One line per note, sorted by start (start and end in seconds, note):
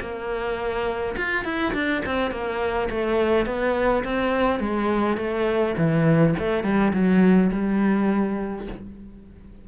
0.00 1.15 A#3
1.17 1.44 F4
1.44 1.73 E4
1.74 2.02 D4
2.06 2.31 C4
2.31 2.89 A#3
2.90 3.46 A3
3.46 4.04 B3
4.04 4.60 C4
4.60 5.17 G#3
5.17 5.75 A3
5.77 6.35 E3
6.39 6.63 A3
6.63 6.92 G3
6.93 7.51 F#3
7.52 8.67 G3